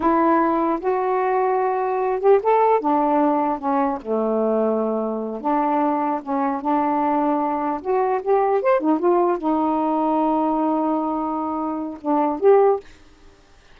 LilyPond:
\new Staff \with { instrumentName = "saxophone" } { \time 4/4 \tempo 4 = 150 e'2 fis'2~ | fis'4. g'8 a'4 d'4~ | d'4 cis'4 a2~ | a4. d'2 cis'8~ |
cis'8 d'2. fis'8~ | fis'8 g'4 c''8 dis'8 f'4 dis'8~ | dis'1~ | dis'2 d'4 g'4 | }